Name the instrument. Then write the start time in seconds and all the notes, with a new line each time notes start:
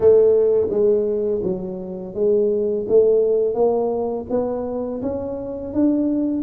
tuba
0.00 A3
0.69 G#3
1.43 F#3
2.14 G#3
2.88 A3
3.54 A#3
4.30 B3
5.02 C#4
5.73 D4